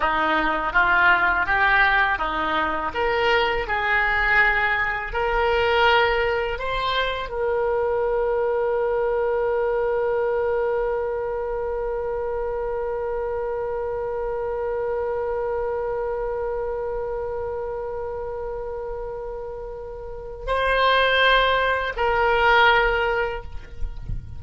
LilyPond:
\new Staff \with { instrumentName = "oboe" } { \time 4/4 \tempo 4 = 82 dis'4 f'4 g'4 dis'4 | ais'4 gis'2 ais'4~ | ais'4 c''4 ais'2~ | ais'1~ |
ais'1~ | ais'1~ | ais'1 | c''2 ais'2 | }